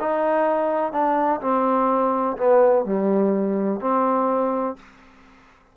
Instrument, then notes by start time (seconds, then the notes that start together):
trombone
0.00 D#4
0.92 D4
1.41 C4
2.37 B3
2.85 G3
3.80 C4